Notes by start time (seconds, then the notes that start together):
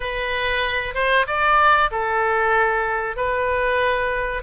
0.00 B4
0.94 C5
1.27 D5
1.91 A4
3.16 B4